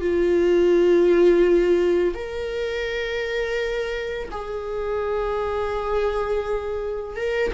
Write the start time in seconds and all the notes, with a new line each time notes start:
0.00 F4
2.14 A#4
4.31 G#4
7.16 A#4